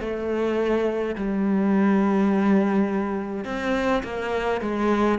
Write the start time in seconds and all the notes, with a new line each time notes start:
0.00 A3
1.15 G3
3.45 C4
4.03 A#3
4.61 G#3